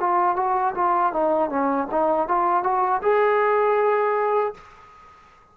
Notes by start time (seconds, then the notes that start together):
0.00 F4
0.36 F#4
0.75 F4
1.13 D#4
1.50 C#4
1.91 D#4
2.29 F4
2.63 F#4
3.02 G#4